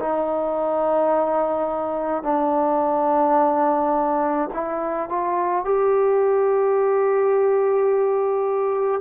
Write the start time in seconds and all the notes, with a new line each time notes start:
0.00 D#4
2.23 D4
4.54 E4
5.09 F4
5.65 G4